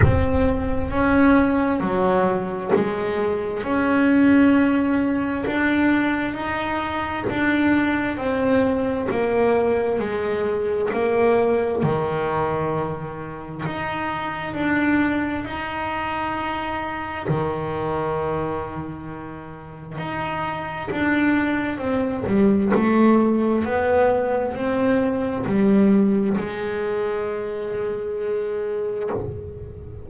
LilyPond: \new Staff \with { instrumentName = "double bass" } { \time 4/4 \tempo 4 = 66 c'4 cis'4 fis4 gis4 | cis'2 d'4 dis'4 | d'4 c'4 ais4 gis4 | ais4 dis2 dis'4 |
d'4 dis'2 dis4~ | dis2 dis'4 d'4 | c'8 g8 a4 b4 c'4 | g4 gis2. | }